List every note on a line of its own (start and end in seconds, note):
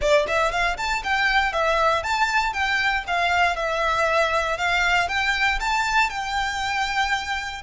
0.01 0.26 D5
0.27 0.51 E5
0.51 0.77 F5
0.77 1.02 A5
1.03 1.52 G5
1.52 2.03 E5
2.03 2.53 A5
2.53 3.03 G5
3.07 3.56 F5
3.56 4.57 E5
4.57 5.08 F5
5.08 5.59 G5
5.60 6.09 A5
6.09 7.62 G5